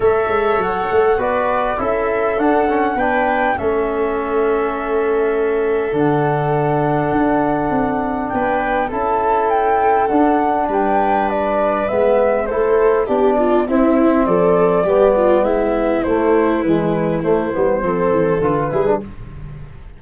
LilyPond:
<<
  \new Staff \with { instrumentName = "flute" } { \time 4/4 \tempo 4 = 101 e''4 fis''4 d''4 e''4 | fis''4 g''4 e''2~ | e''2 fis''2~ | fis''2 g''4 a''4 |
g''4 fis''4 g''4 d''4 | e''4 c''4 d''4 e''4 | d''2 e''4 c''4 | b'4 c''2 b'4 | }
  \new Staff \with { instrumentName = "viola" } { \time 4/4 cis''2 b'4 a'4~ | a'4 b'4 a'2~ | a'1~ | a'2 b'4 a'4~ |
a'2 b'2~ | b'4 a'4 g'8 f'8 e'4 | a'4 g'8 f'8 e'2~ | e'2 a'4. gis'8 | }
  \new Staff \with { instrumentName = "trombone" } { \time 4/4 a'2 fis'4 e'4 | d'8 cis'8 d'4 cis'2~ | cis'2 d'2~ | d'2. e'4~ |
e'4 d'2. | b4 e'4 d'4 c'4~ | c'4 b2 a4 | gis4 a8 b8 c'4 f'8 e'16 d'16 | }
  \new Staff \with { instrumentName = "tuba" } { \time 4/4 a8 gis8 fis8 a8 b4 cis'4 | d'4 b4 a2~ | a2 d2 | d'4 c'4 b4 cis'4~ |
cis'4 d'4 g2 | gis4 a4 b4 c'4 | f4 g4 gis4 a4 | e4 a8 g8 f8 e8 d8 g8 | }
>>